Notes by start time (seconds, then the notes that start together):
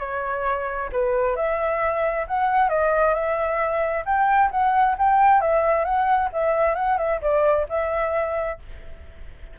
0.00 C#5
0.92 B4
1.36 E5
2.28 F#5
2.69 D#5
3.14 E5
4.06 G5
4.51 F#5
4.98 G5
5.41 E5
5.85 F#5
6.33 E5
6.75 F#5
6.98 E5
7.22 D5
7.69 E5